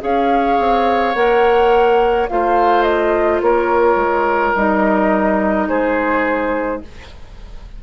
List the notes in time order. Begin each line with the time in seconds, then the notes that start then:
0.00 C#4 G#4 C#5 F5
0.58 C4
1.14 A#3 A#4 F#5
2.28 A3 F4 C5 F5
2.83 D#5
3.41 A#3 A#4 C#5
3.95 G#3
4.55 G3 D#4 D#5
5.68 G#3 G#4 C5